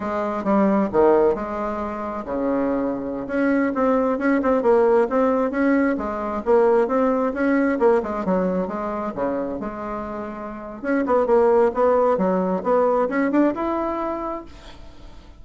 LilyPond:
\new Staff \with { instrumentName = "bassoon" } { \time 4/4 \tempo 4 = 133 gis4 g4 dis4 gis4~ | gis4 cis2~ cis16 cis'8.~ | cis'16 c'4 cis'8 c'8 ais4 c'8.~ | c'16 cis'4 gis4 ais4 c'8.~ |
c'16 cis'4 ais8 gis8 fis4 gis8.~ | gis16 cis4 gis2~ gis8. | cis'8 b8 ais4 b4 fis4 | b4 cis'8 d'8 e'2 | }